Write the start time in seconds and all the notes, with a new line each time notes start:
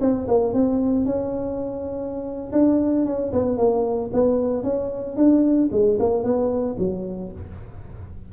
0.00 C4
0.28 A#3
0.53 C4
1.05 C#4
2.52 D4
3.05 C#4
3.32 B3
3.57 A#3
4.13 B3
4.63 C#4
5.16 D4
5.71 G#3
5.99 A#3
6.23 B3
6.78 F#3